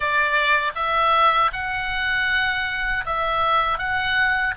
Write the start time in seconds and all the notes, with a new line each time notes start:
0.00 D5
0.75 E5
1.52 F#5
3.05 E5
3.78 F#5